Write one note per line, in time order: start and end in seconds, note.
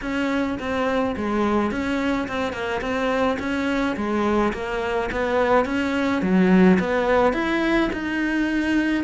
0.01 0.58 C#4
0.59 1.15 C4
1.16 1.71 G#3
1.71 2.27 C#4
2.27 2.52 C4
2.52 2.80 A#3
2.81 3.37 C4
3.39 3.95 C#4
3.96 4.53 G#3
4.53 5.09 A#3
5.11 5.65 B3
5.65 6.21 C#4
6.21 6.78 F#3
6.79 7.33 B3
7.33 7.90 E4
7.92 9.03 D#4